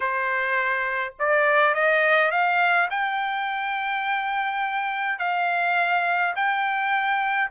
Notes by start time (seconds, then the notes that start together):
0.00 C5
1.19 D5
1.74 D#5
2.31 F5
2.90 G5
5.18 F5
6.35 G5